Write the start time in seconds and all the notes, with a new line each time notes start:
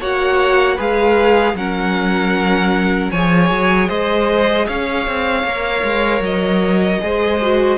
0.00 A#3 F#4 C#5 F#5
0.75 G#3 G#4 B4 F5
1.54 F#3 C#4 A#4 F#5
3.11 F3 G#4 C#5 G#5
3.49 F#3
3.88 G#3 C5 D#5
4.67 C#4 C#5 F5
5.06 C4
5.44 A#3 A#4
5.83 G#3
6.20 F#3 D#5
7.00 G#3 G#4 C5
7.41 F#4